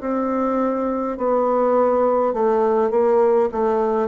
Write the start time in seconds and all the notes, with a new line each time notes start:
0.00 C4
1.17 B3
2.33 A3
2.90 A#3
3.51 A3